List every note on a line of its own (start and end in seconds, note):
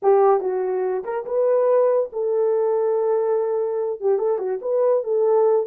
0.02 0.40 G4
0.40 1.03 F#4
1.04 1.25 A#4
1.25 2.09 B4
2.12 4.00 A4
4.00 4.18 G4
4.18 4.38 A4
4.38 4.59 F#4
4.61 5.03 B4
5.03 5.66 A4